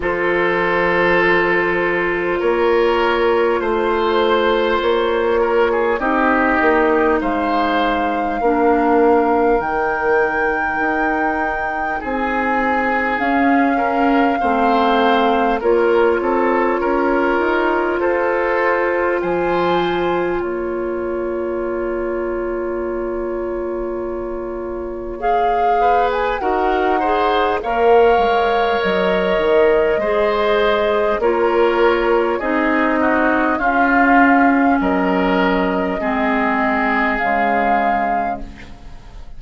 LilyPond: <<
  \new Staff \with { instrumentName = "flute" } { \time 4/4 \tempo 4 = 50 c''2 cis''4 c''4 | cis''4 dis''4 f''2 | g''2 gis''4 f''4~ | f''4 cis''2 c''4 |
gis''4 ais''2.~ | ais''4 f''8. gis''16 fis''4 f''4 | dis''2 cis''4 dis''4 | f''4 dis''2 f''4 | }
  \new Staff \with { instrumentName = "oboe" } { \time 4/4 a'2 ais'4 c''4~ | c''8 ais'16 gis'16 g'4 c''4 ais'4~ | ais'2 gis'4. ais'8 | c''4 ais'8 a'8 ais'4 a'4 |
c''4 cis''2.~ | cis''4. b'8 ais'8 c''8 cis''4~ | cis''4 c''4 ais'4 gis'8 fis'8 | f'4 ais'4 gis'2 | }
  \new Staff \with { instrumentName = "clarinet" } { \time 4/4 f'1~ | f'4 dis'2 d'4 | dis'2. cis'4 | c'4 f'2.~ |
f'1~ | f'4 gis'4 fis'8 gis'8 ais'4~ | ais'4 gis'4 f'4 dis'4 | cis'2 c'4 gis4 | }
  \new Staff \with { instrumentName = "bassoon" } { \time 4/4 f2 ais4 a4 | ais4 c'8 ais8 gis4 ais4 | dis4 dis'4 c'4 cis'4 | a4 ais8 c'8 cis'8 dis'8 f'4 |
f4 ais2.~ | ais2 dis'4 ais8 gis8 | fis8 dis8 gis4 ais4 c'4 | cis'4 fis4 gis4 cis4 | }
>>